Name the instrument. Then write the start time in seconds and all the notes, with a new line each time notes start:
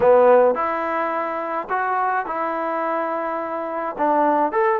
trombone
0.00 B3
0.55 E4
1.69 F#4
2.26 E4
3.98 D4
4.51 A4